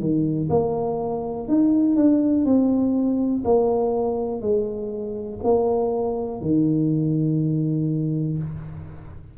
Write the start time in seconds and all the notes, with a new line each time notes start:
0.00 D#3
0.50 A#3
1.48 D#4
1.96 D4
2.45 C4
3.45 A#3
4.41 G#3
5.44 A#3
6.42 D#3